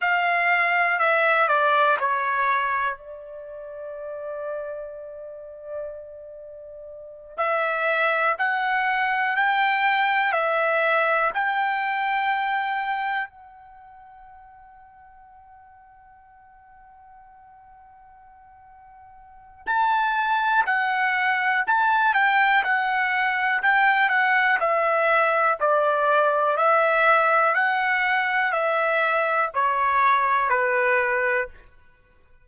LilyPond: \new Staff \with { instrumentName = "trumpet" } { \time 4/4 \tempo 4 = 61 f''4 e''8 d''8 cis''4 d''4~ | d''2.~ d''8 e''8~ | e''8 fis''4 g''4 e''4 g''8~ | g''4. fis''2~ fis''8~ |
fis''1 | a''4 fis''4 a''8 g''8 fis''4 | g''8 fis''8 e''4 d''4 e''4 | fis''4 e''4 cis''4 b'4 | }